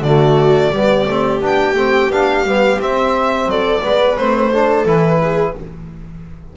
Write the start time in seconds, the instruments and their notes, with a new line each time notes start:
0.00 double bass D3, trombone A3, viola F#4, violin D5
0.71 double bass G3, trombone B3, viola G4
1.07 double bass A3, trombone C4
1.41 double bass B3, trombone D4, violin G5
1.75 double bass A3, trombone C4
2.10 double bass B3, trombone D4, violin F5
2.43 double bass G3, trombone B3
2.79 double bass C4, trombone C4, violin E5
3.46 double bass F#3, viola A4, violin D5
3.82 double bass G#3, trombone B3, viola B4
4.17 double bass A3, trombone C4, violin C5
4.51 trombone D4, viola A4
4.85 double bass E3, trombone E4, violin B4
5.22 viola G#4